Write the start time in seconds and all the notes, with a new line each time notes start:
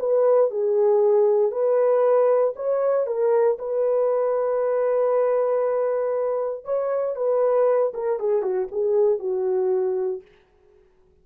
0.00 B4
0.51 G#4
1.52 B4
2.56 C#5
3.07 A#4
3.59 B4
6.65 C#5
7.17 B4
7.94 A#4
8.20 G#4
8.43 F#4
8.72 G#4
9.20 F#4